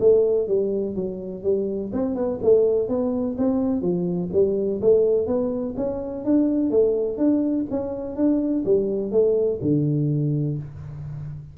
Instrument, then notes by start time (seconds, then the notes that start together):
tuba
0.00 A3
0.48 G3
0.95 F#3
1.43 G3
1.93 C4
2.15 B3
2.42 A3
2.88 B3
3.38 C4
3.81 F3
4.33 G3
4.81 A3
5.27 B3
5.77 C#4
6.25 D4
6.70 A3
7.17 D4
7.70 C#4
8.16 D4
8.65 G3
9.12 A3
9.62 D3